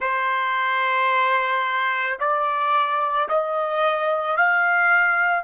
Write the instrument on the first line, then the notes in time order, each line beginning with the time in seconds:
trumpet
0.00 C5
2.19 D5
3.28 D#5
4.36 F5